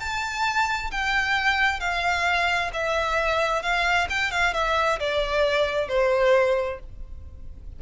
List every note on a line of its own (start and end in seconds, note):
0.00 0.91 A5
0.91 1.80 G5
1.80 2.70 F5
2.73 3.62 E5
3.62 4.08 F5
4.10 4.31 G5
4.31 4.54 F5
4.54 4.99 E5
5.00 5.88 D5
5.88 6.79 C5